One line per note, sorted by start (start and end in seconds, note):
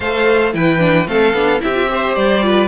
0.00 0.53 A3
0.00 0.53 A4
0.00 0.53 C5
0.00 0.53 F5
0.53 1.07 E3
0.53 0.78 E4
0.53 1.07 B4
0.53 1.07 G5
0.78 1.06 D4
1.06 1.33 A3
1.06 1.33 C4
1.06 1.61 A4
1.06 1.61 F5
1.33 1.60 B3
1.33 1.59 D4
1.59 2.15 C4
1.59 1.73 E4
1.59 1.91 G4
1.59 2.15 E5
1.73 1.87 F4
1.89 2.41 G4
1.89 2.45 C5
2.15 2.68 G3
2.15 2.68 D5
2.41 2.68 F4
2.41 2.68 B4